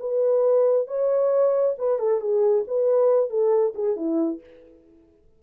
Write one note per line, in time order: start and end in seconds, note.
0.00 0.88 B4
0.88 1.76 C#5
1.79 1.99 B4
1.99 2.21 A4
2.21 2.65 G#4
2.68 3.30 B4
3.30 3.74 A4
3.75 3.96 G#4
3.96 4.41 E4